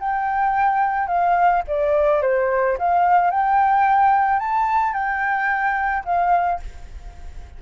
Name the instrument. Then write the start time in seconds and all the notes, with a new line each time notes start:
flute
0.00 G5
1.08 F5
1.67 D5
2.22 C5
2.78 F5
3.31 G5
4.40 A5
4.94 G5
6.05 F5